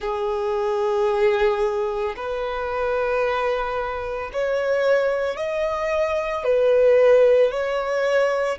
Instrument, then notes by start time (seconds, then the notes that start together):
violin
0.00 G#4
2.16 B4
4.32 C#5
5.36 D#5
6.43 B4
7.50 C#5